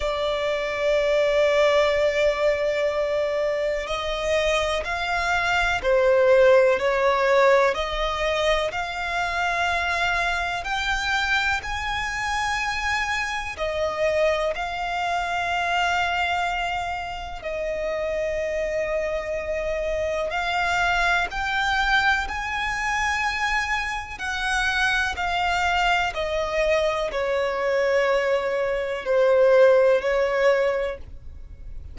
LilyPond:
\new Staff \with { instrumentName = "violin" } { \time 4/4 \tempo 4 = 62 d''1 | dis''4 f''4 c''4 cis''4 | dis''4 f''2 g''4 | gis''2 dis''4 f''4~ |
f''2 dis''2~ | dis''4 f''4 g''4 gis''4~ | gis''4 fis''4 f''4 dis''4 | cis''2 c''4 cis''4 | }